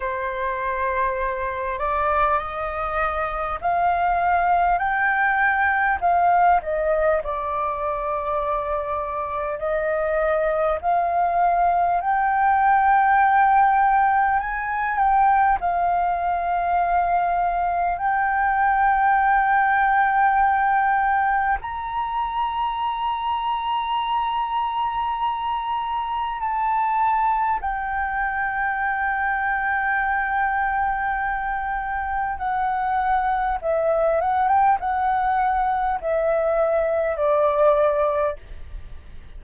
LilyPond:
\new Staff \with { instrumentName = "flute" } { \time 4/4 \tempo 4 = 50 c''4. d''8 dis''4 f''4 | g''4 f''8 dis''8 d''2 | dis''4 f''4 g''2 | gis''8 g''8 f''2 g''4~ |
g''2 ais''2~ | ais''2 a''4 g''4~ | g''2. fis''4 | e''8 fis''16 g''16 fis''4 e''4 d''4 | }